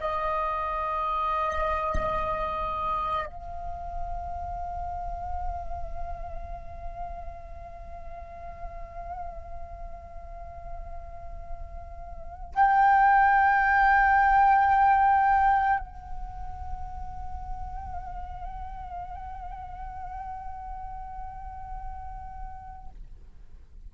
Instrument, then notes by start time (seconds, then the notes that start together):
flute
0.00 D#5
3.27 F5
12.55 G5
15.80 F#5